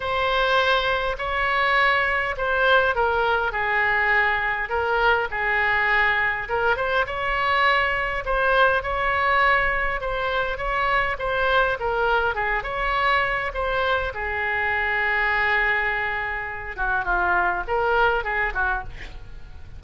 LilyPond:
\new Staff \with { instrumentName = "oboe" } { \time 4/4 \tempo 4 = 102 c''2 cis''2 | c''4 ais'4 gis'2 | ais'4 gis'2 ais'8 c''8 | cis''2 c''4 cis''4~ |
cis''4 c''4 cis''4 c''4 | ais'4 gis'8 cis''4. c''4 | gis'1~ | gis'8 fis'8 f'4 ais'4 gis'8 fis'8 | }